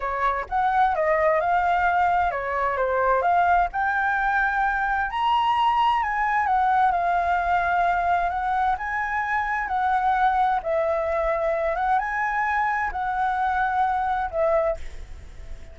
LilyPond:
\new Staff \with { instrumentName = "flute" } { \time 4/4 \tempo 4 = 130 cis''4 fis''4 dis''4 f''4~ | f''4 cis''4 c''4 f''4 | g''2. ais''4~ | ais''4 gis''4 fis''4 f''4~ |
f''2 fis''4 gis''4~ | gis''4 fis''2 e''4~ | e''4. fis''8 gis''2 | fis''2. e''4 | }